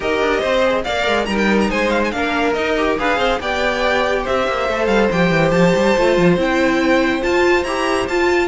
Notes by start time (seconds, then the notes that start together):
0.00 D#4 G4 A#4 D#5
0.21 D4
0.40 C4 C5
0.65 G#4
0.84 A#3 A#4 D5 F5
1.07 G#3
1.25 G3 D#4 A#4 A#5
1.37 G5
1.60 A#5
1.70 G#3 C5 G#5
1.90 F5
2.04 G#5
2.11 A#3 D4 A#4 F5
2.53 D#4 D#5
2.77 G4
2.98 D4 G#4 B4 F5
3.17 C4 C5
3.40 B3 G4 D5 G5
4.22 C4 C5 E5
4.47 A#3
4.68 A3 A4
4.86 G3 F5
5.11 F3 G4 G5
5.30 E3
5.50 F3 A5
5.75 G3
5.97 A3 F4
6.17 F3
6.36 C4 E4 G5
7.21 F4 A5
7.63 E4 G4 A#5
8.08 F4 A5